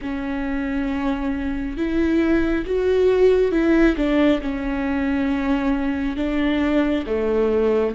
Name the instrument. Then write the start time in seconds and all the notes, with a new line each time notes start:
viola
0.01 C#4
1.76 E4
2.66 F#4
3.51 E4
3.96 D4
4.41 C#4
6.16 D4
7.06 A3